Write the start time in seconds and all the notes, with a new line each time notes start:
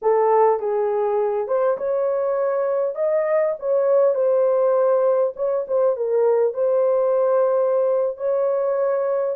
0.02 A4
0.59 G#4
1.47 C5
1.77 C#5
2.95 D#5
3.59 C#5
4.14 C5
5.36 C#5
5.67 C5
5.96 A#4
6.53 C5
8.17 C#5